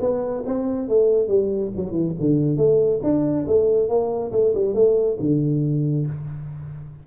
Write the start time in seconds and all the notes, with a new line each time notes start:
0.00 B3
0.46 C4
0.88 A3
1.28 G3
1.76 F#3
1.91 E3
2.20 D3
2.57 A3
3.03 D4
3.47 A3
3.88 A#3
4.32 A3
4.54 G3
4.74 A3
5.20 D3